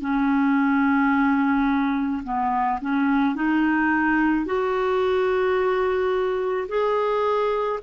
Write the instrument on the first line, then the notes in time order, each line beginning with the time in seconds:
clarinet
0.00 C#4
2.23 B3
2.81 C#4
3.35 D#4
4.45 F#4
6.68 G#4